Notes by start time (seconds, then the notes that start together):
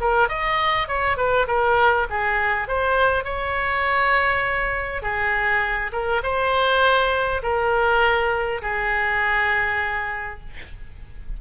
0.00 A#4
0.28 D#5
0.88 C#5
1.17 B4
1.47 A#4
2.10 G#4
2.68 C5
3.24 C#5
5.02 G#4
5.92 A#4
6.23 C5
7.43 A#4
8.62 G#4